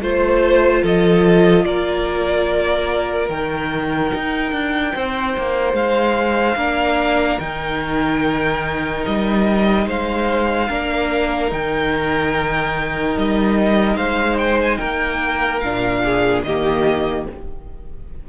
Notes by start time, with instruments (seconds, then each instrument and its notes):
0.00 cello A3, viola F4, violin C5
0.83 cello F3, violin A4 D#5
1.65 cello A#3, violin A#4 D5
3.29 cello D#3, viola D#4, violin G5
4.14 cello D#4
4.52 cello D4
4.94 cello C4, violin C5
5.38 cello A#3
5.73 cello G#3, violin F5
6.56 cello A#3, viola D4, violin A#4
7.40 cello D#3, viola D#4, violin G5
9.06 cello G3, violin D#5
9.87 cello G#3, violin C5 F5
10.68 cello A#3, viola D4, violin A#4
11.49 cello D#3, viola D#4, violin G5
13.17 cello G3, violin D#5
13.96 cello G#3, violin C5 F5
14.38 violin G5
14.62 violin G#5
14.77 cello A#3, violin A#4 G5
15.60 cello A#2, viola D4, violin F5
16.04 violin G#4
16.43 cello D#3, viola A#3, violin G4 D#5